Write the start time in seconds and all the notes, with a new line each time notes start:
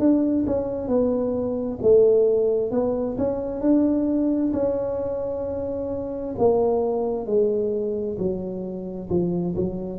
0.00 D4
0.47 C#4
0.88 B3
1.82 A3
2.71 B3
3.18 C#4
3.62 D4
4.54 C#4
6.39 A#3
7.27 G#3
8.19 F#3
9.10 F3
9.56 F#3